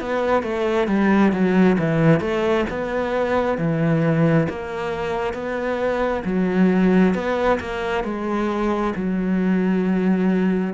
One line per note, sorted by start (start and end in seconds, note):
0.00 0.42 B3
0.42 0.87 A3
0.87 1.32 G3
1.32 1.77 F#3
1.78 2.20 E3
2.20 2.65 A3
2.69 3.58 B3
3.58 4.47 E3
4.49 5.33 A#3
5.33 6.23 B3
6.24 7.14 F#3
7.14 7.59 B3
7.60 8.04 A#3
8.04 8.93 G#3
8.95 10.73 F#3